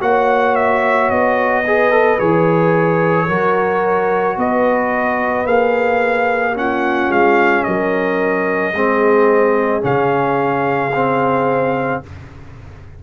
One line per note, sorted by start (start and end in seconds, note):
0.00 1.09 A#3
0.00 1.64 F#4
0.00 1.65 C#5
0.00 0.55 F#5
0.55 1.10 E5
1.10 2.19 B3
1.10 2.19 D#5
1.66 1.90 G#4
1.66 3.27 B4
1.90 2.17 A4
2.18 3.27 E3
2.18 3.27 G#4
2.18 4.37 C#5
3.27 4.36 F#3
3.27 5.46 F#4
3.27 4.36 A#4
4.36 5.45 B3
4.36 6.55 B4
4.36 5.46 D#5
5.45 7.08 A#3
5.45 6.55 G#4
5.45 6.55 F5
6.55 8.73 C#4
6.55 7.67 F4
6.55 7.11 F#5
7.08 7.63 G#3
7.08 7.63 F5
7.63 8.73 F#3
7.63 8.74 A#4
7.63 9.81 D#5
8.73 9.82 G#3
8.73 9.81 C4
8.73 12.01 G#4
9.81 12.02 C#3
9.81 10.90 C#4
9.81 12.02 F5
10.94 12.03 C4